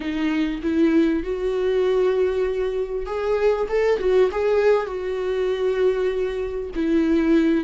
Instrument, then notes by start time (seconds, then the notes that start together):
viola
0.00 D#4
0.62 E4
1.23 F#4
3.06 G#4
3.68 A4
3.99 F#4
4.31 G#4
4.86 F#4
6.75 E4